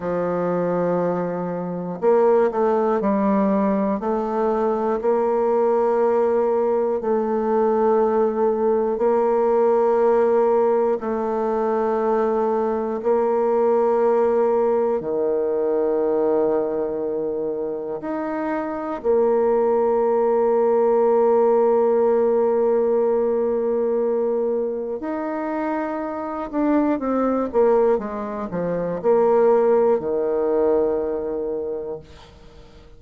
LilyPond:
\new Staff \with { instrumentName = "bassoon" } { \time 4/4 \tempo 4 = 60 f2 ais8 a8 g4 | a4 ais2 a4~ | a4 ais2 a4~ | a4 ais2 dis4~ |
dis2 dis'4 ais4~ | ais1~ | ais4 dis'4. d'8 c'8 ais8 | gis8 f8 ais4 dis2 | }